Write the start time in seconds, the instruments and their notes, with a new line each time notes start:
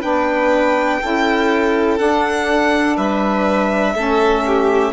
0.00 bassoon B3, saxophone D4, violin B4 G5
1.01 bassoon C#4, saxophone E4, violin A4
1.97 saxophone D4, bassoon D4, violin F#5
2.96 bassoon G3, violin B4 E5
3.94 bassoon A3, saxophone C#4, violin A4
4.46 violin G4